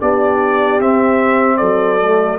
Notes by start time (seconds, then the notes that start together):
0.00 B3 D4 G4 D5
0.80 C4 E5
1.58 F#3 A4 D5
2.01 A3